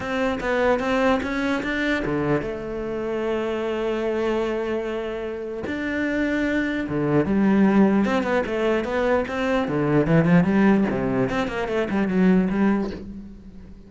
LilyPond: \new Staff \with { instrumentName = "cello" } { \time 4/4 \tempo 4 = 149 c'4 b4 c'4 cis'4 | d'4 d4 a2~ | a1~ | a2 d'2~ |
d'4 d4 g2 | c'8 b8 a4 b4 c'4 | d4 e8 f8 g4 c4 | c'8 ais8 a8 g8 fis4 g4 | }